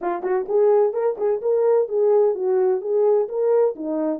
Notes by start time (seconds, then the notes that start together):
0.01 F4
0.22 F#4
0.48 G#4
0.93 A#4
1.17 G#4
1.41 A#4
1.88 G#4
2.34 F#4
2.81 G#4
3.28 A#4
3.75 D#4